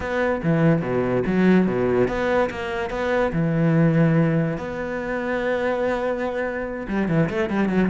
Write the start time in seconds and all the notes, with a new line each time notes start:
0.00 B3
0.43 E3
0.81 B2
1.26 F#3
1.66 B2
2.08 B3
2.50 A#3
2.90 B3
3.33 E3
4.57 B3
6.87 G3
7.08 E3
7.29 A3
7.49 G3
7.68 F#3